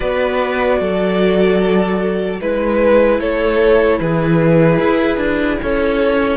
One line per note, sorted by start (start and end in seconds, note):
0.00 0.80 B3
0.00 2.38 F#4
0.00 0.77 B4
0.00 2.40 D5
0.80 2.40 F#3
0.80 2.40 A4
2.40 3.19 G#3
2.40 6.36 E4
2.40 3.20 B4
3.19 3.99 A3
3.19 4.00 A4
3.19 3.99 C#5
3.99 4.79 E3
3.99 5.61 G#4
3.99 5.59 B4
4.79 5.17 E4
5.17 5.57 D4
5.62 6.36 C#4
5.62 6.36 A4
5.62 6.36 C#5